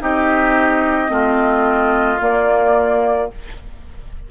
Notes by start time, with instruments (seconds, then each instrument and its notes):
0.00 bassoon C4, clarinet D#4, oboe G4, flute D#5
1.08 bassoon A3, clarinet C4, oboe F4
2.21 bassoon A#3, clarinet A#3, flute D5